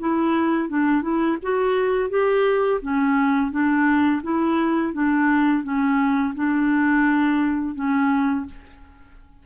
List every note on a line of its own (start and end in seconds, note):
0.00 0.69 E4
0.69 1.02 D4
1.02 1.37 E4
1.42 2.10 F#4
2.10 2.81 G4
2.82 3.51 C#4
3.51 4.22 D4
4.23 4.93 E4
4.93 5.63 D4
5.63 6.34 C#4
6.35 7.75 D4
7.75 8.46 C#4